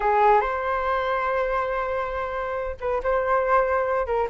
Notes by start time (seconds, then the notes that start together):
0.00 G#4
0.41 C5
2.80 B4
3.03 C5
4.06 A#4